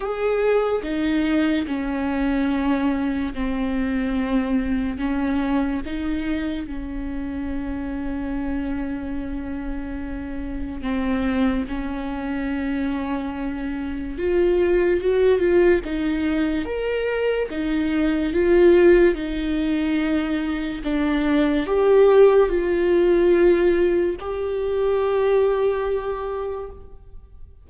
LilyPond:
\new Staff \with { instrumentName = "viola" } { \time 4/4 \tempo 4 = 72 gis'4 dis'4 cis'2 | c'2 cis'4 dis'4 | cis'1~ | cis'4 c'4 cis'2~ |
cis'4 f'4 fis'8 f'8 dis'4 | ais'4 dis'4 f'4 dis'4~ | dis'4 d'4 g'4 f'4~ | f'4 g'2. | }